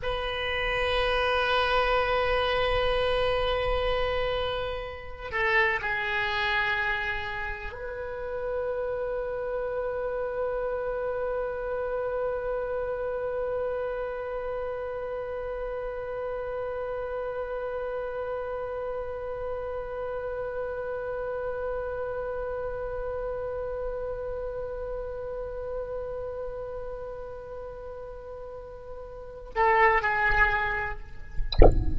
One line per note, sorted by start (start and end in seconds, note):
0.02 5.31 B4
5.31 5.79 A4
5.81 7.72 G#4
7.72 29.49 B4
29.55 30.02 A4
30.02 30.99 G#4